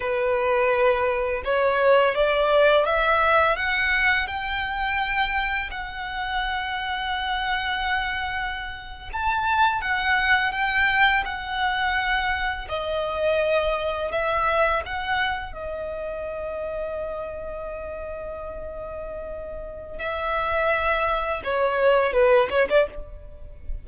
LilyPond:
\new Staff \with { instrumentName = "violin" } { \time 4/4 \tempo 4 = 84 b'2 cis''4 d''4 | e''4 fis''4 g''2 | fis''1~ | fis''8. a''4 fis''4 g''4 fis''16~ |
fis''4.~ fis''16 dis''2 e''16~ | e''8. fis''4 dis''2~ dis''16~ | dis''1 | e''2 cis''4 b'8 cis''16 d''16 | }